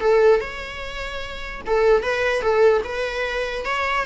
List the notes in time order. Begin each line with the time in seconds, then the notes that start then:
0.00 A4
0.40 C#5
1.66 A4
2.02 B4
2.41 A4
2.84 B4
3.65 C#5